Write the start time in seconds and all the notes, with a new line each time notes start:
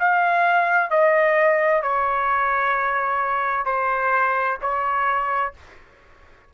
0.00 F5
0.91 D#5
1.83 C#5
3.66 C5
4.62 C#5